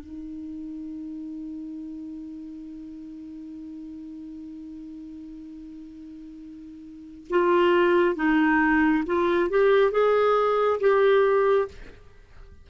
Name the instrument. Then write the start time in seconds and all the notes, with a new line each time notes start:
clarinet
0.00 D#4
7.30 F4
8.16 D#4
9.06 F4
9.50 G4
9.92 G#4
10.80 G4